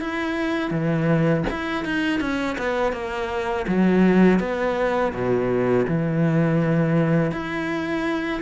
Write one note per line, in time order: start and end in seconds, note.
0.00 0.71 E4
0.71 1.44 E3
1.50 1.85 E4
1.85 2.20 D#4
2.20 2.57 C#4
2.58 2.92 B3
2.92 3.66 A#3
3.68 4.39 F#3
4.39 5.13 B3
5.13 5.86 B2
5.88 7.32 E3
7.32 8.41 E4